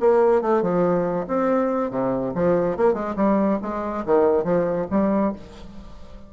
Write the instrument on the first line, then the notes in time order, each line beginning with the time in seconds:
bassoon
0.00 A#3
0.42 A3
0.62 F3
1.28 C4
1.91 C3
2.35 F3
2.77 A#3
2.94 G#3
3.16 G3
3.62 G#3
4.06 D#3
4.44 F3
4.90 G3